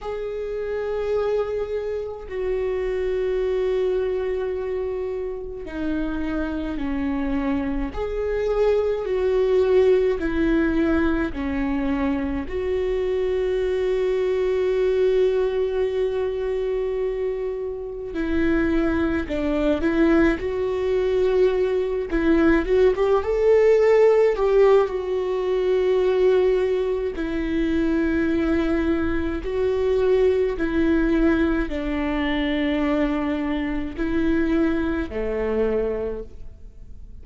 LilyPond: \new Staff \with { instrumentName = "viola" } { \time 4/4 \tempo 4 = 53 gis'2 fis'2~ | fis'4 dis'4 cis'4 gis'4 | fis'4 e'4 cis'4 fis'4~ | fis'1 |
e'4 d'8 e'8 fis'4. e'8 | fis'16 g'16 a'4 g'8 fis'2 | e'2 fis'4 e'4 | d'2 e'4 a4 | }